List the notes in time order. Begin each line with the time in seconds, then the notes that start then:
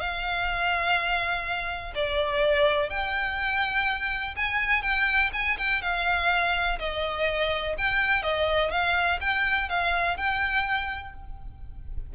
0.00 F5
1.95 D5
2.90 G5
4.36 G#5
4.82 G5
5.33 G#5
5.58 G5
5.82 F5
6.79 D#5
7.78 G5
8.23 D#5
8.71 F5
9.21 G5
9.69 F5
10.17 G5